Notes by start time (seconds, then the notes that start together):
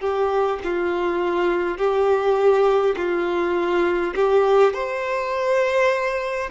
0.00 G4
0.64 F4
1.78 G4
2.97 F4
4.15 G4
4.74 C5